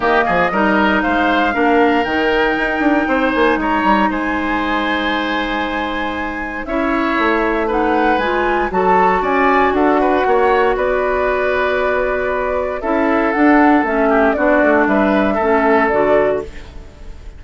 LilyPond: <<
  \new Staff \with { instrumentName = "flute" } { \time 4/4 \tempo 4 = 117 dis''2 f''2 | g''2~ g''8 gis''8 ais''4 | gis''1~ | gis''4 e''2 fis''4 |
gis''4 a''4 gis''4 fis''4~ | fis''4 d''2.~ | d''4 e''4 fis''4 e''4 | d''4 e''2 d''4 | }
  \new Staff \with { instrumentName = "oboe" } { \time 4/4 g'8 gis'8 ais'4 c''4 ais'4~ | ais'2 c''4 cis''4 | c''1~ | c''4 cis''2 b'4~ |
b'4 a'4 d''4 a'8 b'8 | cis''4 b'2.~ | b'4 a'2~ a'8 g'8 | fis'4 b'4 a'2 | }
  \new Staff \with { instrumentName = "clarinet" } { \time 4/4 ais4 dis'2 d'4 | dis'1~ | dis'1~ | dis'4 e'2 dis'4 |
f'4 fis'2.~ | fis'1~ | fis'4 e'4 d'4 cis'4 | d'2 cis'4 fis'4 | }
  \new Staff \with { instrumentName = "bassoon" } { \time 4/4 dis8 f8 g4 gis4 ais4 | dis4 dis'8 d'8 c'8 ais8 gis8 g8 | gis1~ | gis4 cis'4 a2 |
gis4 fis4 cis'4 d'4 | ais4 b2.~ | b4 cis'4 d'4 a4 | b8 a8 g4 a4 d4 | }
>>